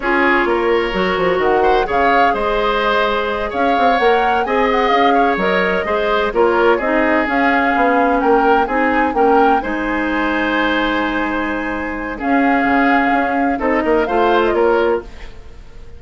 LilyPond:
<<
  \new Staff \with { instrumentName = "flute" } { \time 4/4 \tempo 4 = 128 cis''2. fis''4 | f''4 dis''2~ dis''8 f''8~ | f''8 fis''4 gis''8 fis''8 f''4 dis''8~ | dis''4. cis''4 dis''4 f''8~ |
f''4. g''4 gis''4 g''8~ | g''8 gis''2.~ gis''8~ | gis''2 f''2~ | f''4 dis''4 f''8. dis''16 cis''4 | }
  \new Staff \with { instrumentName = "oboe" } { \time 4/4 gis'4 ais'2~ ais'8 c''8 | cis''4 c''2~ c''8 cis''8~ | cis''4. dis''4. cis''4~ | cis''8 c''4 ais'4 gis'4.~ |
gis'4. ais'4 gis'4 ais'8~ | ais'8 c''2.~ c''8~ | c''2 gis'2~ | gis'4 a'8 ais'8 c''4 ais'4 | }
  \new Staff \with { instrumentName = "clarinet" } { \time 4/4 f'2 fis'2 | gis'1~ | gis'8 ais'4 gis'2 ais'8~ | ais'8 gis'4 f'4 dis'4 cis'8~ |
cis'2~ cis'8 dis'4 cis'8~ | cis'8 dis'2.~ dis'8~ | dis'2 cis'2~ | cis'4 dis'4 f'2 | }
  \new Staff \with { instrumentName = "bassoon" } { \time 4/4 cis'4 ais4 fis8 f8 dis4 | cis4 gis2~ gis8 cis'8 | c'8 ais4 c'4 cis'4 fis8~ | fis8 gis4 ais4 c'4 cis'8~ |
cis'8 b4 ais4 c'4 ais8~ | ais8 gis2.~ gis8~ | gis2 cis'4 cis4 | cis'4 c'8 ais8 a4 ais4 | }
>>